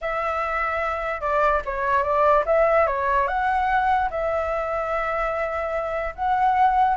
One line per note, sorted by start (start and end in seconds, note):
0.01 1.20 E5
1.20 1.61 D5
1.65 2.03 C#5
2.03 2.44 D5
2.46 2.86 E5
2.86 3.27 C#5
3.27 4.09 F#5
4.10 6.14 E5
6.15 6.96 F#5